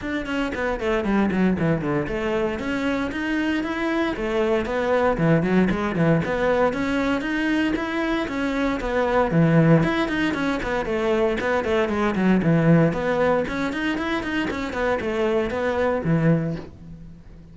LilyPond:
\new Staff \with { instrumentName = "cello" } { \time 4/4 \tempo 4 = 116 d'8 cis'8 b8 a8 g8 fis8 e8 d8 | a4 cis'4 dis'4 e'4 | a4 b4 e8 fis8 gis8 e8 | b4 cis'4 dis'4 e'4 |
cis'4 b4 e4 e'8 dis'8 | cis'8 b8 a4 b8 a8 gis8 fis8 | e4 b4 cis'8 dis'8 e'8 dis'8 | cis'8 b8 a4 b4 e4 | }